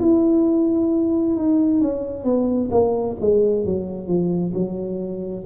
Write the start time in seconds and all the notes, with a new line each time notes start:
0.00 E4
1.36 D#4
1.81 C#4
2.25 B3
2.71 A#3
3.21 G#3
3.66 F#3
4.08 F3
4.54 F#3